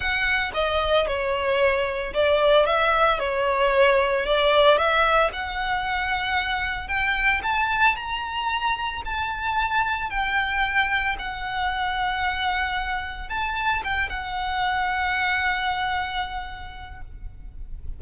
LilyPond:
\new Staff \with { instrumentName = "violin" } { \time 4/4 \tempo 4 = 113 fis''4 dis''4 cis''2 | d''4 e''4 cis''2 | d''4 e''4 fis''2~ | fis''4 g''4 a''4 ais''4~ |
ais''4 a''2 g''4~ | g''4 fis''2.~ | fis''4 a''4 g''8 fis''4.~ | fis''1 | }